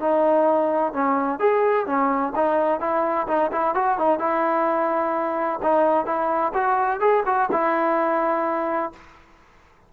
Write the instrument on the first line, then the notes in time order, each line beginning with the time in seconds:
trombone
0.00 D#4
0.93 C#4
1.40 G#4
1.87 C#4
2.36 D#4
2.80 E4
3.28 D#4
3.52 E4
3.75 F#4
3.99 D#4
4.20 E4
5.63 D#4
6.06 E4
6.54 F#4
7.01 G#4
7.26 F#4
7.52 E4